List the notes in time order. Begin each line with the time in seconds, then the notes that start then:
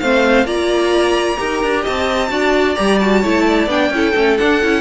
0.00 A3 C4 C5 F5
0.45 A#3 F4 D5 A#5
1.37 D#4 G4 A#4
1.63 D4
1.82 C4 D#5 A5
2.30 D4 F#4 D5
2.75 G3 G4 A#5
2.99 F#4 A5
3.20 A3 E4 C#5
3.47 D5
3.67 B3 D4 G5
3.90 C#4 E4 A4
4.15 A3 C#4
4.37 D4 F#5
4.61 C#4 E4